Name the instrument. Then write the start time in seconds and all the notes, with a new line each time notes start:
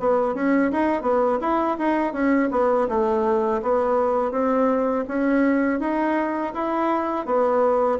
bassoon
0.00 B3
0.35 C#4
0.72 D#4
1.02 B3
1.41 E4
1.79 D#4
2.14 C#4
2.51 B3
2.89 A3
3.63 B3
4.32 C4
5.08 C#4
5.80 D#4
6.54 E4
7.26 B3